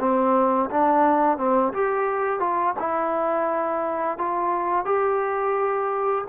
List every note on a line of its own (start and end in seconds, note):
0.00 0.70 C4
0.71 1.38 D4
1.38 1.73 C4
1.73 2.40 G4
2.40 2.75 F4
2.79 4.19 E4
4.19 4.86 F4
4.86 6.25 G4